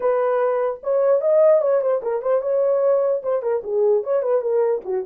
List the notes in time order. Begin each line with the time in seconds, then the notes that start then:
0.00 B4
0.83 C#5
1.21 D#5
1.61 C#5
1.81 C5
2.02 A#4
2.21 C5
2.41 C#5
3.22 C5
3.42 A#4
3.63 G#4
4.03 C#5
4.22 B4
4.41 A#4
4.84 F#4